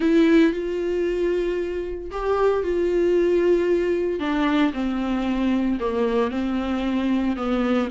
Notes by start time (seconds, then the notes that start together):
0.00 E4
0.53 F4
2.11 G4
2.63 F4
4.19 D4
4.73 C4
5.80 A#3
6.31 C4
7.36 B3